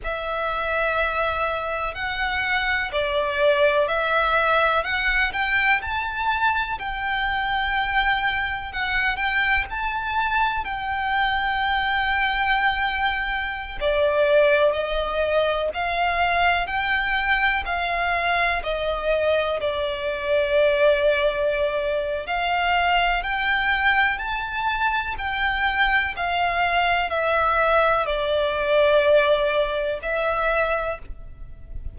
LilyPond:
\new Staff \with { instrumentName = "violin" } { \time 4/4 \tempo 4 = 62 e''2 fis''4 d''4 | e''4 fis''8 g''8 a''4 g''4~ | g''4 fis''8 g''8 a''4 g''4~ | g''2~ g''16 d''4 dis''8.~ |
dis''16 f''4 g''4 f''4 dis''8.~ | dis''16 d''2~ d''8. f''4 | g''4 a''4 g''4 f''4 | e''4 d''2 e''4 | }